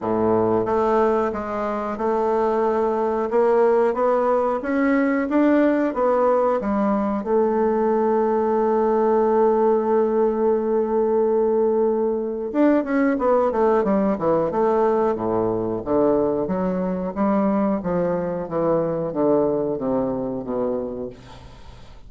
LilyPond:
\new Staff \with { instrumentName = "bassoon" } { \time 4/4 \tempo 4 = 91 a,4 a4 gis4 a4~ | a4 ais4 b4 cis'4 | d'4 b4 g4 a4~ | a1~ |
a2. d'8 cis'8 | b8 a8 g8 e8 a4 a,4 | d4 fis4 g4 f4 | e4 d4 c4 b,4 | }